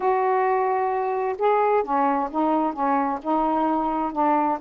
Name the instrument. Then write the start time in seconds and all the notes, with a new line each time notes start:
saxophone
0.00 F#4
1.38 G#4
1.83 C#4
2.31 D#4
2.73 C#4
3.22 D#4
4.12 D4